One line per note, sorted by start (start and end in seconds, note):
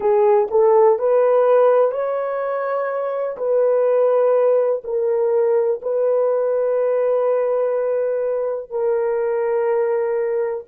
0.00 0.48 G#4
0.50 0.99 A4
0.99 1.91 B4
1.91 3.36 C#5
3.37 4.82 B4
4.84 5.81 A#4
5.82 8.70 B4
8.70 10.64 A#4